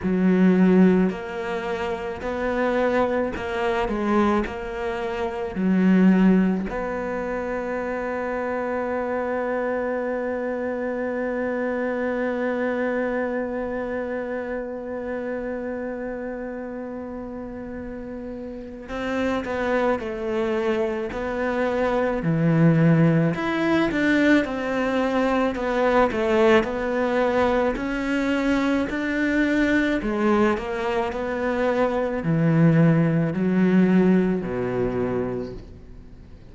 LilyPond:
\new Staff \with { instrumentName = "cello" } { \time 4/4 \tempo 4 = 54 fis4 ais4 b4 ais8 gis8 | ais4 fis4 b2~ | b1~ | b1~ |
b4 c'8 b8 a4 b4 | e4 e'8 d'8 c'4 b8 a8 | b4 cis'4 d'4 gis8 ais8 | b4 e4 fis4 b,4 | }